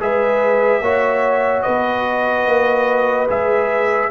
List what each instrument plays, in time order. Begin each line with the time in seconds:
0.00 tuba G#3, trombone G#4, horn B4, trumpet E5
0.81 tuba A#3, trombone F#4, horn C#5
1.62 tuba B3, horn B4, trumpet D#5
2.47 tuba A#3
3.28 tuba G#3, trombone G#4, trumpet E5